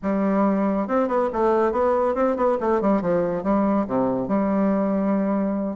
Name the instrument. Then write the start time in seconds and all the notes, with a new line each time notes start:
bassoon
0.02 G3
0.87 C4
1.07 B3
1.32 A3
1.72 B3
2.14 C4
2.36 B3
2.60 A3
2.81 G3
3.01 F3
3.43 G3
3.87 C3
4.27 G3